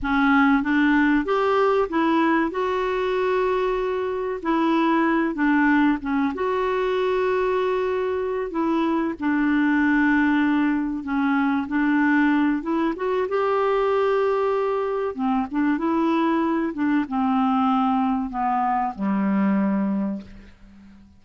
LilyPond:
\new Staff \with { instrumentName = "clarinet" } { \time 4/4 \tempo 4 = 95 cis'4 d'4 g'4 e'4 | fis'2. e'4~ | e'8 d'4 cis'8 fis'2~ | fis'4. e'4 d'4.~ |
d'4. cis'4 d'4. | e'8 fis'8 g'2. | c'8 d'8 e'4. d'8 c'4~ | c'4 b4 g2 | }